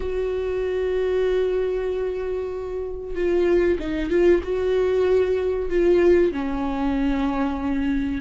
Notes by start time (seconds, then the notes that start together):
0.00 F#4
3.15 F4
3.79 D#4
4.10 F4
4.43 F#4
5.69 F4
6.32 C#4